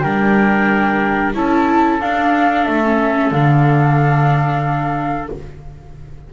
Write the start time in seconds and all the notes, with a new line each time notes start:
0.00 G3 D4 A#4 G5
1.34 C#4 E4 A4 A5
2.01 D4 F5
2.65 A3 E5
2.84 C#4
3.32 D3 D4 F5